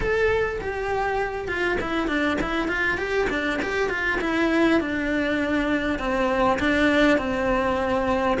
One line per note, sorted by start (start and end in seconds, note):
0.00 0.60 A4
0.61 1.48 G4
1.48 1.78 F4
1.80 2.07 E4
2.07 2.37 D4
2.41 2.68 E4
2.68 2.97 F4
2.97 3.27 G4
3.29 3.59 D4
3.62 3.89 G4
3.89 4.19 F4
4.20 4.80 E4
4.80 5.98 D4
5.98 6.58 C4
6.59 7.18 D4
7.18 8.38 C4